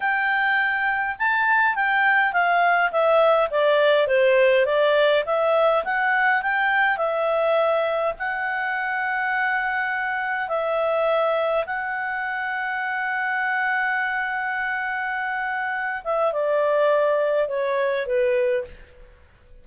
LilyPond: \new Staff \with { instrumentName = "clarinet" } { \time 4/4 \tempo 4 = 103 g''2 a''4 g''4 | f''4 e''4 d''4 c''4 | d''4 e''4 fis''4 g''4 | e''2 fis''2~ |
fis''2 e''2 | fis''1~ | fis''2.~ fis''8 e''8 | d''2 cis''4 b'4 | }